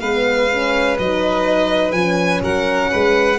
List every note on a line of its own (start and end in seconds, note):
0.00 0.98 G#3
0.00 0.50 B3
0.00 2.42 B4
0.00 0.97 F5
0.50 0.99 C#4
0.98 1.92 F#3
0.98 1.96 D#4
0.98 1.92 D#5
1.92 2.41 F3
1.92 3.39 C#4
1.92 2.40 G#5
2.41 2.90 F#3
2.41 2.90 A#4
2.41 3.39 F#5
2.91 3.39 G#3
2.91 3.39 B4